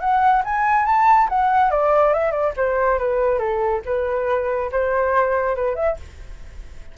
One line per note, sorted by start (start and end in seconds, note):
0.00 0.43 F#5
0.44 0.85 G#5
0.85 1.28 A5
1.29 1.71 F#5
1.71 2.13 D5
2.14 2.32 E5
2.32 2.53 D5
2.56 2.99 C5
2.99 3.39 B4
3.39 3.81 A4
3.85 4.71 B4
4.72 5.56 C5
5.56 5.75 B4
5.75 5.97 E5